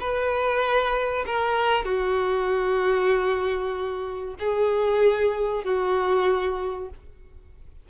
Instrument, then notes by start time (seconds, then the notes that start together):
violin
0.00 B4
1.26 A#4
1.85 F#4
4.39 G#4
5.64 F#4